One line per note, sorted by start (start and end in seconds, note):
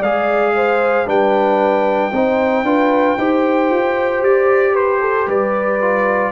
0.00 1.07 G#3
0.00 1.06 G#4
0.00 0.53 D5
0.00 1.08 F5
0.55 1.07 C5
1.06 2.12 G3
1.06 2.12 D4
1.06 2.12 B4
1.06 4.24 G5
2.13 2.63 C4
2.13 2.65 D#4
2.13 2.65 C5
2.63 3.16 D4
2.63 3.18 F4
2.63 3.18 B4
3.18 3.70 D#4
3.18 5.81 G4
3.18 4.73 C5
3.70 4.22 F4
4.22 5.27 G4
4.22 4.76 D5
4.73 5.00 B4
4.73 5.29 C5
5.01 5.27 A4
5.27 6.32 G3
5.27 6.32 B4
5.27 6.32 D5
5.81 6.32 F4